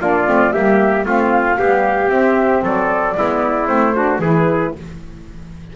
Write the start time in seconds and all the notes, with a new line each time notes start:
0.00 A#3 D4 F4 D5
0.27 A3 C4
0.52 G3 A#3 G4 E5
1.04 A3 C4 F4 F5
1.58 G3 B3 G4
2.09 C4 E5
2.63 F#3 A4 D5
3.16 G#3 B3 E4
3.66 A3 C4 C5
3.94 D4 F#4
4.18 E3 E4 G#4 B4